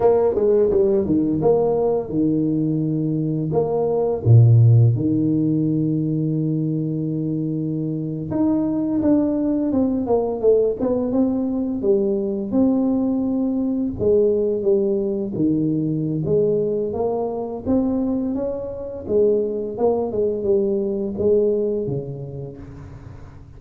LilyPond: \new Staff \with { instrumentName = "tuba" } { \time 4/4 \tempo 4 = 85 ais8 gis8 g8 dis8 ais4 dis4~ | dis4 ais4 ais,4 dis4~ | dis2.~ dis8. dis'16~ | dis'8. d'4 c'8 ais8 a8 b8 c'16~ |
c'8. g4 c'2 gis16~ | gis8. g4 dis4~ dis16 gis4 | ais4 c'4 cis'4 gis4 | ais8 gis8 g4 gis4 cis4 | }